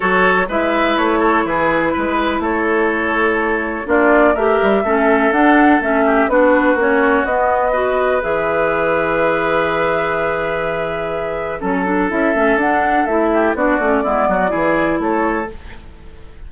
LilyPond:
<<
  \new Staff \with { instrumentName = "flute" } { \time 4/4 \tempo 4 = 124 cis''4 e''4 cis''4 b'4~ | b'4 cis''2. | d''4 e''2 fis''4 | e''4 b'4 cis''4 dis''4~ |
dis''4 e''2.~ | e''1 | a'4 e''4 fis''4 e''4 | d''2. cis''4 | }
  \new Staff \with { instrumentName = "oboe" } { \time 4/4 a'4 b'4. a'8 gis'4 | b'4 a'2. | f'4 ais'4 a'2~ | a'8 g'8 fis'2. |
b'1~ | b'1 | a'2.~ a'8 g'8 | fis'4 e'8 fis'8 gis'4 a'4 | }
  \new Staff \with { instrumentName = "clarinet" } { \time 4/4 fis'4 e'2.~ | e'1 | d'4 g'4 cis'4 d'4 | cis'4 d'4 cis'4 b4 |
fis'4 gis'2.~ | gis'1 | cis'8 d'8 e'8 cis'8 d'4 e'4 | d'8 cis'8 b4 e'2 | }
  \new Staff \with { instrumentName = "bassoon" } { \time 4/4 fis4 gis4 a4 e4 | gis4 a2. | ais4 a8 g8 a4 d'4 | a4 b4 ais4 b4~ |
b4 e2.~ | e1 | fis4 cis'8 a8 d'4 a4 | b8 a8 gis8 fis8 e4 a4 | }
>>